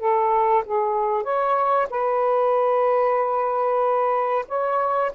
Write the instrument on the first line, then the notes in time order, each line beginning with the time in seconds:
saxophone
0.00 A4
0.66 G#4
1.24 C#5
1.90 B4
4.48 C#5